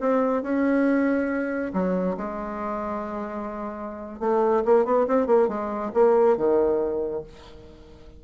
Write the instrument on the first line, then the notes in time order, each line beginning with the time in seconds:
bassoon
0.00 C4
0.43 C#4
1.73 F#3
2.17 G#3
4.20 A3
4.65 A#3
4.85 B3
5.07 C4
5.27 A#3
5.48 G#3
5.94 A#3
6.37 D#3